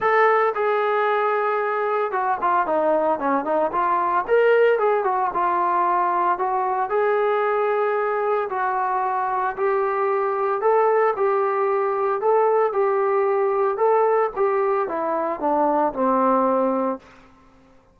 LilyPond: \new Staff \with { instrumentName = "trombone" } { \time 4/4 \tempo 4 = 113 a'4 gis'2. | fis'8 f'8 dis'4 cis'8 dis'8 f'4 | ais'4 gis'8 fis'8 f'2 | fis'4 gis'2. |
fis'2 g'2 | a'4 g'2 a'4 | g'2 a'4 g'4 | e'4 d'4 c'2 | }